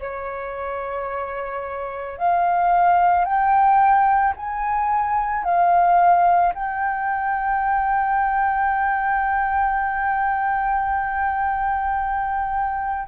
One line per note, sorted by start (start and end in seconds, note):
0.00 2.18 C#5
2.19 3.25 F5
3.25 4.34 G5
4.37 5.44 G#5
5.44 6.54 F5
6.55 13.08 G5